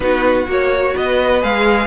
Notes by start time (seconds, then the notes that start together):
0.00 B3 D#4 F#4 B4
0.47 A#3 F#4 C#5
0.94 B3 B4 D#5
1.41 G#3 G#4 F5